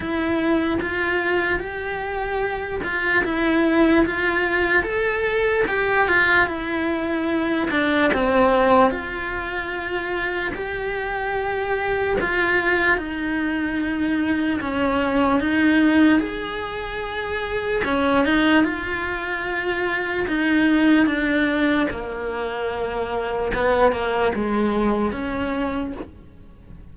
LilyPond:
\new Staff \with { instrumentName = "cello" } { \time 4/4 \tempo 4 = 74 e'4 f'4 g'4. f'8 | e'4 f'4 a'4 g'8 f'8 | e'4. d'8 c'4 f'4~ | f'4 g'2 f'4 |
dis'2 cis'4 dis'4 | gis'2 cis'8 dis'8 f'4~ | f'4 dis'4 d'4 ais4~ | ais4 b8 ais8 gis4 cis'4 | }